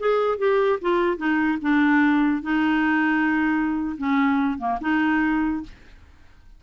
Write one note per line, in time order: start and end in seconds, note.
0.00 0.38 G#4
0.38 0.80 G4
0.81 1.18 F4
1.18 1.59 D#4
1.62 2.43 D4
2.43 3.97 D#4
3.98 4.59 C#4
4.59 4.79 A#3
4.81 5.64 D#4